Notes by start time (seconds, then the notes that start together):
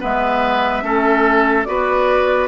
0.00 G#3 B3 B4 E5
0.82 A3 C#4 A4
1.64 B3 F#4 B4 D5